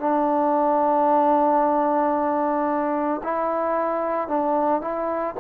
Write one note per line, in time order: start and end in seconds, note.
0.00 3.21 D4
3.24 4.29 E4
4.29 4.82 D4
4.82 5.35 E4